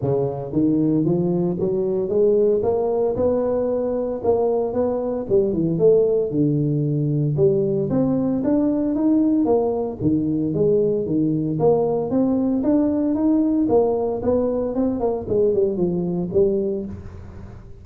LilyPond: \new Staff \with { instrumentName = "tuba" } { \time 4/4 \tempo 4 = 114 cis4 dis4 f4 fis4 | gis4 ais4 b2 | ais4 b4 g8 e8 a4 | d2 g4 c'4 |
d'4 dis'4 ais4 dis4 | gis4 dis4 ais4 c'4 | d'4 dis'4 ais4 b4 | c'8 ais8 gis8 g8 f4 g4 | }